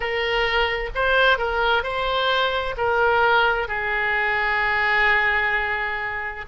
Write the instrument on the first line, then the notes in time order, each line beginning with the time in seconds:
oboe
0.00 A#4
0.94 C5
1.38 A#4
1.83 C5
2.77 A#4
3.68 G#4